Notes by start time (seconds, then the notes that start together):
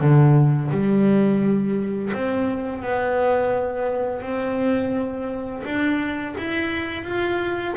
0.00 D3
0.71 G3
2.14 C4
2.82 B3
4.22 C4
5.65 D4
6.38 E4
7.04 F4